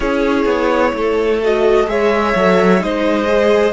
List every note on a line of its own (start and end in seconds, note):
0.00 0.45 C#4
0.00 1.40 E4
0.00 0.93 G#4
0.00 1.40 C#5
0.45 0.92 B3
0.93 1.87 A3
0.93 1.89 A4
1.42 1.87 F#4
1.42 1.88 D#5
1.87 2.34 G#3
1.87 2.34 G#4
1.87 2.83 C#5
1.87 2.82 E5
2.35 2.81 F#3
2.35 2.79 A4
2.79 3.73 G#3
2.79 3.25 D#4
2.79 3.73 C5
2.79 3.73 D#5
3.27 3.73 G#4